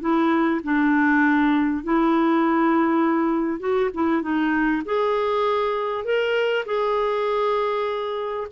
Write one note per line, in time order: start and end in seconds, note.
0.00 0.61 E4
0.63 1.83 D4
1.83 3.60 E4
3.60 3.90 F#4
3.94 4.22 E4
4.22 4.82 D#4
4.85 6.04 G#4
6.04 6.65 A#4
6.65 8.47 G#4